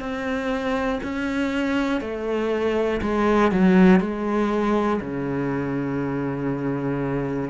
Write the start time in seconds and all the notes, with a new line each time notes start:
0.00 C4
1.03 C#4
2.01 A3
3.02 G#3
3.52 F#3
4.00 G#3
5.01 C#3